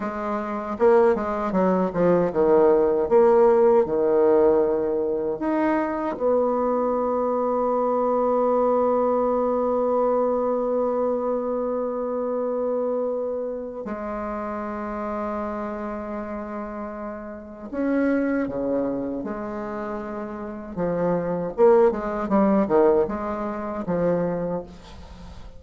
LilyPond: \new Staff \with { instrumentName = "bassoon" } { \time 4/4 \tempo 4 = 78 gis4 ais8 gis8 fis8 f8 dis4 | ais4 dis2 dis'4 | b1~ | b1~ |
b2 gis2~ | gis2. cis'4 | cis4 gis2 f4 | ais8 gis8 g8 dis8 gis4 f4 | }